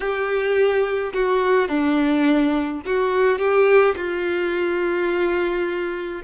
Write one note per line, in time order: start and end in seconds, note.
0.00 1.12 G4
1.13 1.68 F#4
1.68 2.81 D4
2.85 3.38 F#4
3.38 3.94 G4
3.95 6.22 F4